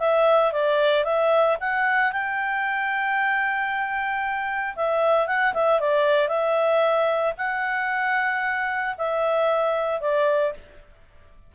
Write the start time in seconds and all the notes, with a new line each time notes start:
0.00 E5
0.53 D5
1.05 E5
1.61 F#5
2.13 G5
4.76 E5
5.28 F#5
5.54 E5
5.80 D5
6.29 E5
7.38 F#5
8.98 E5
10.01 D5